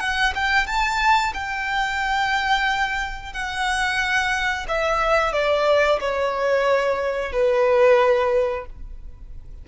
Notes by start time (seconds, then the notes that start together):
0.00 F#5
0.35 G5
0.67 A5
1.34 G5
3.33 F#5
4.68 E5
5.33 D5
6.01 C#5
7.32 B4